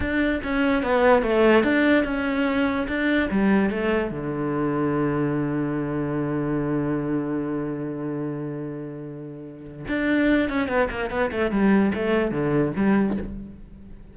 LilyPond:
\new Staff \with { instrumentName = "cello" } { \time 4/4 \tempo 4 = 146 d'4 cis'4 b4 a4 | d'4 cis'2 d'4 | g4 a4 d2~ | d1~ |
d1~ | d1 | d'4. cis'8 b8 ais8 b8 a8 | g4 a4 d4 g4 | }